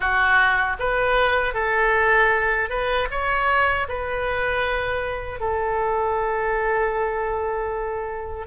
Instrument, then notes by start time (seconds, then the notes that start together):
oboe
0.00 F#4
0.79 B4
1.54 A4
2.69 B4
3.10 C#5
3.88 B4
5.40 A4